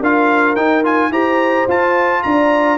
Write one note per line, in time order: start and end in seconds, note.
0.00 0.56 D4
0.00 0.57 F4
0.00 1.11 A#4
0.00 0.56 F5
0.56 1.11 D#4
0.56 0.84 D#4
0.56 0.84 G5
0.84 1.12 F4
0.84 1.13 G#5
1.11 1.66 E4
1.11 1.68 G4
1.11 2.23 C5
1.11 1.69 A#5
1.68 2.23 F4
1.68 2.79 F4
1.68 2.23 A5
2.23 2.79 D4
2.23 2.79 D5
2.23 2.79 A#5